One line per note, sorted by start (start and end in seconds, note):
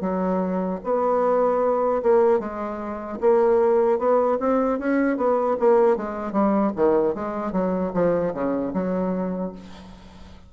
0.00 0.79 F#3
0.83 2.02 B3
2.02 2.39 A#3
2.39 3.18 G#3
3.20 3.98 A#3
3.98 4.37 B3
4.39 4.79 C4
4.79 5.17 C#4
5.17 5.56 B3
5.59 5.96 A#3
5.96 6.32 G#3
6.32 6.71 G3
6.75 7.14 D#3
7.14 7.52 G#3
7.52 7.91 F#3
7.93 8.33 F3
8.33 8.73 C#3
8.73 9.52 F#3